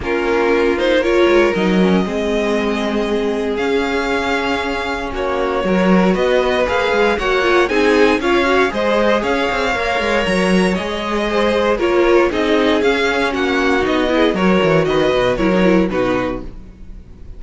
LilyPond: <<
  \new Staff \with { instrumentName = "violin" } { \time 4/4 \tempo 4 = 117 ais'4. c''8 cis''4 dis''4~ | dis''2. f''4~ | f''2 cis''2 | dis''4 f''4 fis''4 gis''4 |
f''4 dis''4 f''2 | ais''4 dis''2 cis''4 | dis''4 f''4 fis''4 dis''4 | cis''4 dis''4 cis''4 b'4 | }
  \new Staff \with { instrumentName = "violin" } { \time 4/4 f'2 ais'2 | gis'1~ | gis'2 fis'4 ais'4 | b'2 cis''4 gis'4 |
cis''4 c''4 cis''2~ | cis''2 c''4 ais'4 | gis'2 fis'4. gis'8 | ais'4 b'4 ais'4 fis'4 | }
  \new Staff \with { instrumentName = "viola" } { \time 4/4 cis'4. dis'8 f'4 dis'8 cis'8 | c'2. cis'4~ | cis'2. fis'4~ | fis'4 gis'4 fis'8 f'8 dis'4 |
f'8 fis'8 gis'2 ais'4~ | ais'4 gis'2 f'4 | dis'4 cis'2 dis'8 e'8 | fis'2 e'16 dis'16 e'8 dis'4 | }
  \new Staff \with { instrumentName = "cello" } { \time 4/4 ais2~ ais8 gis8 fis4 | gis2. cis'4~ | cis'2 ais4 fis4 | b4 ais8 gis8 ais4 c'4 |
cis'4 gis4 cis'8 c'8 ais8 gis8 | fis4 gis2 ais4 | c'4 cis'4 ais4 b4 | fis8 e8 dis8 b,8 fis4 b,4 | }
>>